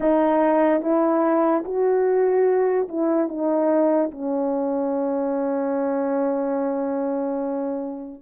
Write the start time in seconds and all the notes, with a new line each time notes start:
0.00 D#4
0.81 E4
1.64 F#4
2.88 E4
3.28 D#4
4.11 C#4